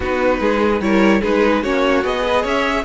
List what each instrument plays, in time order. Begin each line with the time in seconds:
0.00 cello B3, viola D#4, violin F#4 B4
0.39 cello G#3, violin G#4
0.80 cello G3, viola E4, violin A#4 C#5
1.20 cello G#3, viola D#4, violin G#4 B4
1.62 cello A#3, viola C#4, violin F#4 C#5
2.03 cello B3, viola G#4, violin D#5
2.25 violin B4
2.42 cello C#4, violin C#5 E5